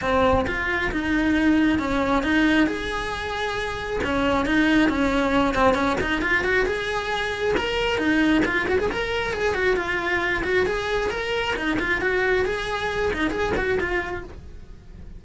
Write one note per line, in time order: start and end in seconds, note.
0.01 0.45 C4
0.46 0.91 F4
0.91 1.78 D#4
1.78 2.23 C#4
2.23 2.66 D#4
2.66 4.00 G#4
4.03 4.45 C#4
4.45 4.89 D#4
4.89 5.54 C#4
5.54 5.74 C4
5.74 5.96 C#4
6.00 6.21 D#4
6.21 6.43 F4
6.44 6.66 F#4
6.66 7.55 G#4
7.57 7.98 A#4
7.98 8.42 D#4
8.45 8.67 F4
8.67 8.79 F#4
8.79 8.90 G#4
8.91 9.33 A#4
9.33 9.54 G#4
9.54 9.76 F#4
9.76 10.43 F4
10.43 10.65 F#4
10.66 11.10 G#4
11.10 11.54 A#4
11.56 11.78 D#4
11.79 12.01 F4
12.01 12.45 F#4
12.45 13.12 G#4
13.13 13.30 D#4
13.30 13.52 G#4
13.56 13.78 F#4
13.79 14.24 F4